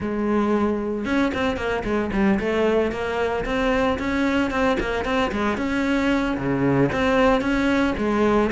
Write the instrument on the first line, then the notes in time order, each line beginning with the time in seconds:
cello
0.00 G#3
1.05 C#4
1.34 C4
1.56 A#3
1.83 G#3
2.12 G3
2.39 A3
2.91 A#3
3.45 C4
3.98 C#4
4.50 C4
4.79 A#3
5.04 C4
5.31 G#3
5.57 C#4
6.37 C#3
6.91 C4
7.41 C#4
7.97 G#3